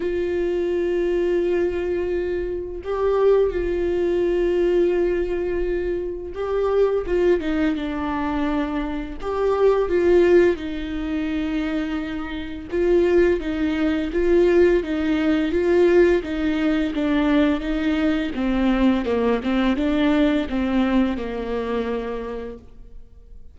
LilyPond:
\new Staff \with { instrumentName = "viola" } { \time 4/4 \tempo 4 = 85 f'1 | g'4 f'2.~ | f'4 g'4 f'8 dis'8 d'4~ | d'4 g'4 f'4 dis'4~ |
dis'2 f'4 dis'4 | f'4 dis'4 f'4 dis'4 | d'4 dis'4 c'4 ais8 c'8 | d'4 c'4 ais2 | }